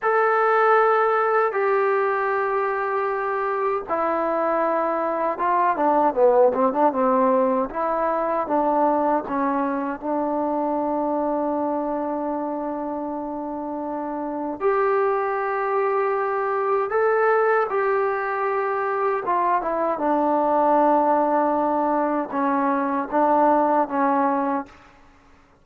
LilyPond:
\new Staff \with { instrumentName = "trombone" } { \time 4/4 \tempo 4 = 78 a'2 g'2~ | g'4 e'2 f'8 d'8 | b8 c'16 d'16 c'4 e'4 d'4 | cis'4 d'2.~ |
d'2. g'4~ | g'2 a'4 g'4~ | g'4 f'8 e'8 d'2~ | d'4 cis'4 d'4 cis'4 | }